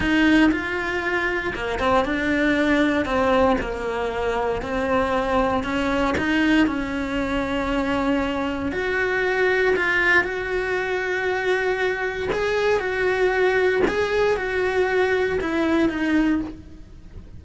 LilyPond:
\new Staff \with { instrumentName = "cello" } { \time 4/4 \tempo 4 = 117 dis'4 f'2 ais8 c'8 | d'2 c'4 ais4~ | ais4 c'2 cis'4 | dis'4 cis'2.~ |
cis'4 fis'2 f'4 | fis'1 | gis'4 fis'2 gis'4 | fis'2 e'4 dis'4 | }